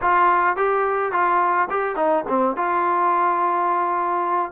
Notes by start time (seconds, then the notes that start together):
0.01 F4
0.56 G4
1.12 F4
1.70 G4
1.96 D#4
2.28 C4
2.56 F4